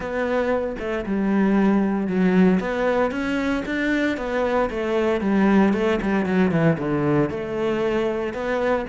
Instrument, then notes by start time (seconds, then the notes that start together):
cello
0.00 B3
0.79 A3
1.06 G3
2.07 F#3
2.60 B3
3.11 C#4
3.65 D4
4.17 B3
4.70 A3
5.21 G3
5.73 A3
6.01 G3
6.25 F#3
6.51 E3
6.78 D3
7.30 A3
8.33 B3